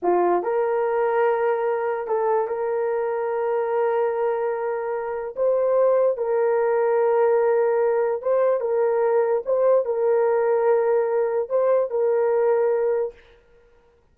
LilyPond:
\new Staff \with { instrumentName = "horn" } { \time 4/4 \tempo 4 = 146 f'4 ais'2.~ | ais'4 a'4 ais'2~ | ais'1~ | ais'4 c''2 ais'4~ |
ais'1 | c''4 ais'2 c''4 | ais'1 | c''4 ais'2. | }